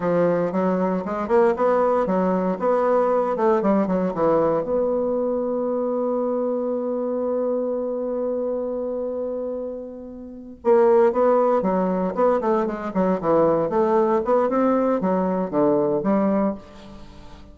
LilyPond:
\new Staff \with { instrumentName = "bassoon" } { \time 4/4 \tempo 4 = 116 f4 fis4 gis8 ais8 b4 | fis4 b4. a8 g8 fis8 | e4 b2.~ | b1~ |
b1~ | b8 ais4 b4 fis4 b8 | a8 gis8 fis8 e4 a4 b8 | c'4 fis4 d4 g4 | }